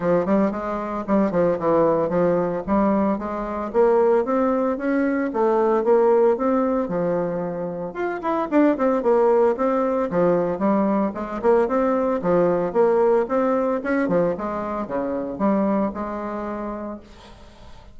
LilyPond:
\new Staff \with { instrumentName = "bassoon" } { \time 4/4 \tempo 4 = 113 f8 g8 gis4 g8 f8 e4 | f4 g4 gis4 ais4 | c'4 cis'4 a4 ais4 | c'4 f2 f'8 e'8 |
d'8 c'8 ais4 c'4 f4 | g4 gis8 ais8 c'4 f4 | ais4 c'4 cis'8 f8 gis4 | cis4 g4 gis2 | }